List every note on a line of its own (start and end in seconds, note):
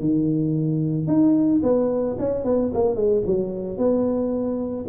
0.00 1.07 D#3
1.07 1.61 D#4
1.63 2.17 B3
2.19 2.44 C#4
2.44 2.71 B3
2.74 2.96 A#3
2.96 3.23 G#3
3.26 3.78 F#3
3.78 4.86 B3